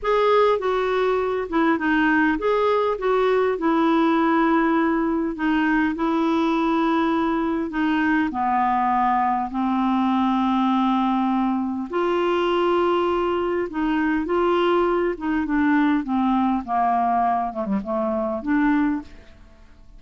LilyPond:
\new Staff \with { instrumentName = "clarinet" } { \time 4/4 \tempo 4 = 101 gis'4 fis'4. e'8 dis'4 | gis'4 fis'4 e'2~ | e'4 dis'4 e'2~ | e'4 dis'4 b2 |
c'1 | f'2. dis'4 | f'4. dis'8 d'4 c'4 | ais4. a16 g16 a4 d'4 | }